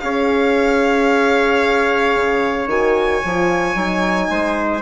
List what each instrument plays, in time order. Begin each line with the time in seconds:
0.00 bassoon C#4, horn G#4, trumpet C#5, violin F5
2.16 bassoon C#3
2.67 bassoon D#3, horn F#4, violin G#5
3.24 bassoon F3, horn F4
3.75 bassoon F#3, horn D#4
4.30 bassoon G#3, trumpet C5